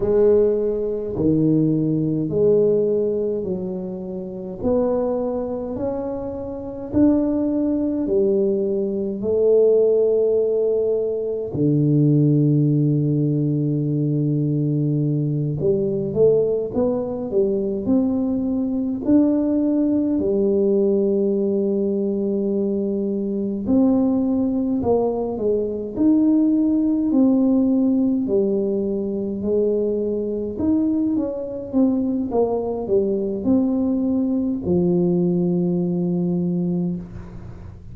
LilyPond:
\new Staff \with { instrumentName = "tuba" } { \time 4/4 \tempo 4 = 52 gis4 dis4 gis4 fis4 | b4 cis'4 d'4 g4 | a2 d2~ | d4. g8 a8 b8 g8 c'8~ |
c'8 d'4 g2~ g8~ | g8 c'4 ais8 gis8 dis'4 c'8~ | c'8 g4 gis4 dis'8 cis'8 c'8 | ais8 g8 c'4 f2 | }